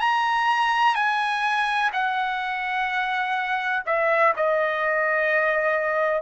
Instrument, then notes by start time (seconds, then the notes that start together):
trumpet
0.00 A#5
0.95 G#5
1.93 F#5
3.86 E5
4.36 D#5